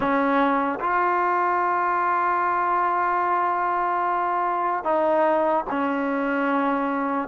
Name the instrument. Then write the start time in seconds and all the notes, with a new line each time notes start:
trombone
0.00 C#4
0.80 F4
4.84 D#4
5.69 C#4